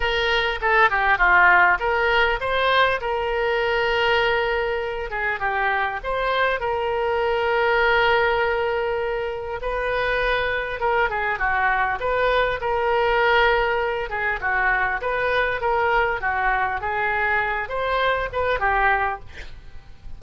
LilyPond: \new Staff \with { instrumentName = "oboe" } { \time 4/4 \tempo 4 = 100 ais'4 a'8 g'8 f'4 ais'4 | c''4 ais'2.~ | ais'8 gis'8 g'4 c''4 ais'4~ | ais'1 |
b'2 ais'8 gis'8 fis'4 | b'4 ais'2~ ais'8 gis'8 | fis'4 b'4 ais'4 fis'4 | gis'4. c''4 b'8 g'4 | }